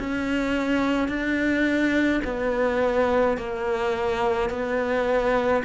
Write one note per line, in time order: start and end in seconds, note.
0.00 1.09 C#4
1.09 2.22 D4
2.25 3.38 B3
3.38 4.50 A#3
4.50 5.63 B3